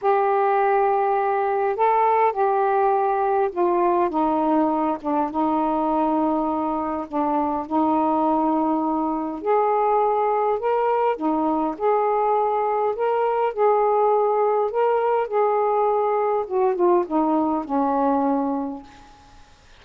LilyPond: \new Staff \with { instrumentName = "saxophone" } { \time 4/4 \tempo 4 = 102 g'2. a'4 | g'2 f'4 dis'4~ | dis'8 d'8 dis'2. | d'4 dis'2. |
gis'2 ais'4 dis'4 | gis'2 ais'4 gis'4~ | gis'4 ais'4 gis'2 | fis'8 f'8 dis'4 cis'2 | }